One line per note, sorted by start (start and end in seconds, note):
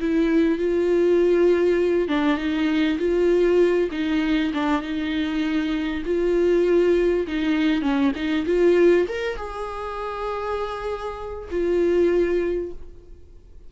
0.00 0.59 E4
0.59 2.09 F4
2.09 2.38 D4
2.38 2.98 D#4
2.99 3.90 F4
3.92 4.52 D#4
4.54 4.82 D4
4.82 6.03 D#4
6.06 7.27 F4
7.28 7.82 D#4
7.82 8.12 C#4
8.15 8.46 D#4
8.46 9.07 F4
9.09 9.37 A#4
9.37 11.49 G#4
11.51 12.72 F4